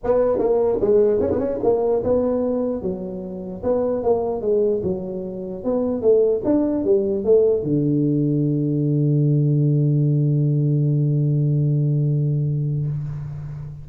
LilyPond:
\new Staff \with { instrumentName = "tuba" } { \time 4/4 \tempo 4 = 149 b4 ais4 gis4 cis'16 b16 cis'8 | ais4 b2 fis4~ | fis4 b4 ais4 gis4 | fis2 b4 a4 |
d'4 g4 a4 d4~ | d1~ | d1~ | d1 | }